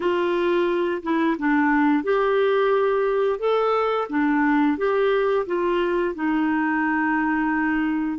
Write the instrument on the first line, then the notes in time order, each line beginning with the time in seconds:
clarinet
0.00 F4
1.02 E4
1.38 D4
2.03 G4
3.39 A4
4.09 D4
4.77 G4
5.46 F4
6.14 D#4